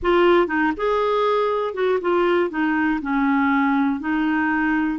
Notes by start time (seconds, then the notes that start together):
0.02 F4
0.47 D#4
0.76 G#4
1.74 F#4
2.01 F4
2.50 D#4
3.01 C#4
4.00 D#4